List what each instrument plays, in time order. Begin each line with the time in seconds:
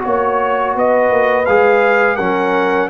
0.00 tuba A#3, trombone F#4, trumpet C#5, horn C#5
0.75 tuba B3, horn B4, trumpet D#5
1.10 tuba A#3
1.46 tuba G#3, trombone G#4, trumpet F5
2.16 tuba F#3, trombone C#4, horn A#4, trumpet F#5